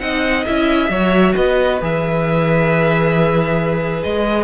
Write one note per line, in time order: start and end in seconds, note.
0.00 0.45 C4
0.00 0.44 D#4
0.00 0.91 D#5
0.00 0.44 F#5
0.46 0.90 C#4
0.46 0.91 E4
0.46 1.35 E5
0.90 1.34 F#3
0.90 1.81 F#4
0.90 1.35 C#5
1.35 1.81 B3
1.35 4.44 B4
1.35 1.79 D#5
1.81 4.04 E3
1.81 4.44 G#4
1.81 4.03 E5
4.03 4.44 G#3
4.03 4.44 D#5